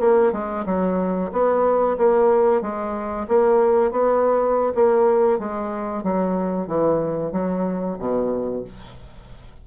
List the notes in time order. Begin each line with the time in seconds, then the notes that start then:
0.00 A#3
0.32 G#3
0.66 F#3
1.32 B3
1.97 A#3
2.61 G#3
3.28 A#3
3.91 B3
4.75 A#3
5.39 G#3
6.03 F#3
6.67 E3
7.32 F#3
7.99 B2